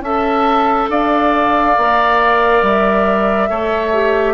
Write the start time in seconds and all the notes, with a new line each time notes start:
0.00 C#4 A4 E5 A5
0.89 D4 D5 F5
1.77 A#3 A#4
2.62 G3 E5
3.48 A3 A4 C#5
3.93 G4